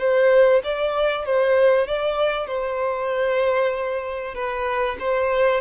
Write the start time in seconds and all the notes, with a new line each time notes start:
0.00 C5
0.64 D5
1.26 C5
1.88 D5
2.47 C5
4.35 B4
5.00 C5